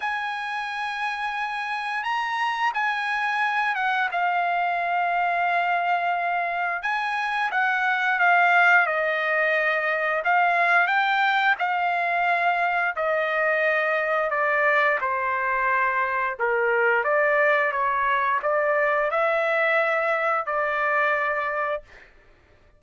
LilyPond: \new Staff \with { instrumentName = "trumpet" } { \time 4/4 \tempo 4 = 88 gis''2. ais''4 | gis''4. fis''8 f''2~ | f''2 gis''4 fis''4 | f''4 dis''2 f''4 |
g''4 f''2 dis''4~ | dis''4 d''4 c''2 | ais'4 d''4 cis''4 d''4 | e''2 d''2 | }